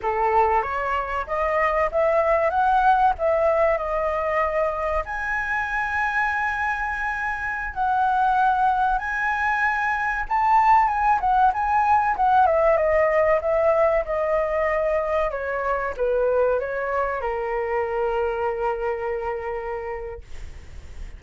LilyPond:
\new Staff \with { instrumentName = "flute" } { \time 4/4 \tempo 4 = 95 a'4 cis''4 dis''4 e''4 | fis''4 e''4 dis''2 | gis''1~ | gis''16 fis''2 gis''4.~ gis''16~ |
gis''16 a''4 gis''8 fis''8 gis''4 fis''8 e''16~ | e''16 dis''4 e''4 dis''4.~ dis''16~ | dis''16 cis''4 b'4 cis''4 ais'8.~ | ais'1 | }